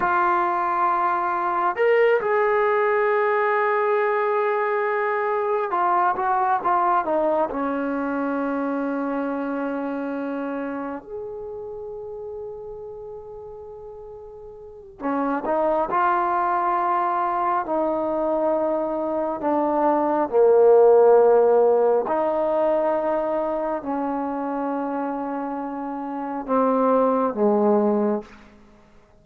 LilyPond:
\new Staff \with { instrumentName = "trombone" } { \time 4/4 \tempo 4 = 68 f'2 ais'8 gis'4.~ | gis'2~ gis'8 f'8 fis'8 f'8 | dis'8 cis'2.~ cis'8~ | cis'8 gis'2.~ gis'8~ |
gis'4 cis'8 dis'8 f'2 | dis'2 d'4 ais4~ | ais4 dis'2 cis'4~ | cis'2 c'4 gis4 | }